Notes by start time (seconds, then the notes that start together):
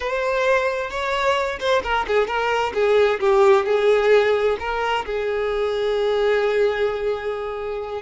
0.00 C5
0.90 C#5
1.59 C5
1.83 A#4
2.07 G#4
2.27 A#4
2.74 G#4
3.20 G4
3.65 G#4
4.59 A#4
5.05 G#4